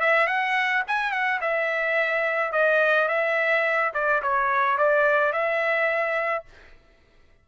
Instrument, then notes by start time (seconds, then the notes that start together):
trumpet
0.00 E5
0.27 F#5
0.87 G#5
1.11 F#5
1.41 E5
2.52 D#5
3.08 E5
3.94 D5
4.22 C#5
4.77 D5
5.32 E5